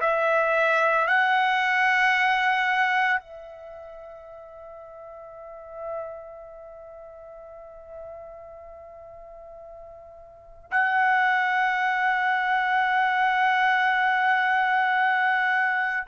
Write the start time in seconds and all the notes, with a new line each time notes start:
0.00 E5
1.07 F#5
3.20 E5
10.71 F#5